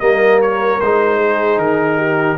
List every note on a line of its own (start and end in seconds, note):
0.00 0.80 G3
0.00 0.80 A#3
0.00 1.18 A#4
0.00 0.39 D#5
0.41 0.80 C#5
0.80 1.57 G#3
0.80 2.38 D#4
0.80 1.59 C5
1.18 1.97 G#4
1.57 2.36 D#3
1.57 2.38 A#4
1.97 2.37 G4